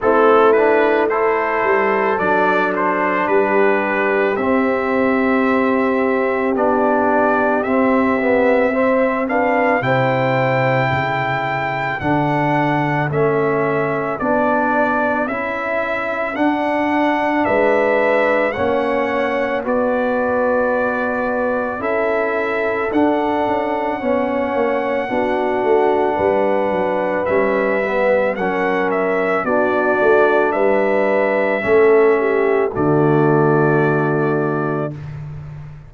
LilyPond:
<<
  \new Staff \with { instrumentName = "trumpet" } { \time 4/4 \tempo 4 = 55 a'8 b'8 c''4 d''8 c''8 b'4 | e''2 d''4 e''4~ | e''8 f''8 g''2 fis''4 | e''4 d''4 e''4 fis''4 |
e''4 fis''4 d''2 | e''4 fis''2.~ | fis''4 e''4 fis''8 e''8 d''4 | e''2 d''2 | }
  \new Staff \with { instrumentName = "horn" } { \time 4/4 e'4 a'2 g'4~ | g'1 | c''8 b'8 c''4 a'2~ | a'1 |
b'4 cis''4 b'2 | a'2 cis''4 fis'4 | b'2 ais'4 fis'4 | b'4 a'8 g'8 fis'2 | }
  \new Staff \with { instrumentName = "trombone" } { \time 4/4 c'8 d'8 e'4 d'2 | c'2 d'4 c'8 b8 | c'8 d'8 e'2 d'4 | cis'4 d'4 e'4 d'4~ |
d'4 cis'4 fis'2 | e'4 d'4 cis'4 d'4~ | d'4 cis'8 b8 cis'4 d'4~ | d'4 cis'4 a2 | }
  \new Staff \with { instrumentName = "tuba" } { \time 4/4 a4. g8 fis4 g4 | c'2 b4 c'4~ | c'4 c4 cis4 d4 | a4 b4 cis'4 d'4 |
gis4 ais4 b2 | cis'4 d'8 cis'8 b8 ais8 b8 a8 | g8 fis8 g4 fis4 b8 a8 | g4 a4 d2 | }
>>